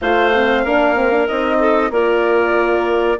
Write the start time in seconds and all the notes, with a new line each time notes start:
0.01 A3 F4 C5 F5
0.34 C4
0.63 A#3 D4 A#4
0.96 C4
1.11 D4
1.27 C4 D#4 D#5
1.59 A4
1.90 A#3 F4 A#4 D5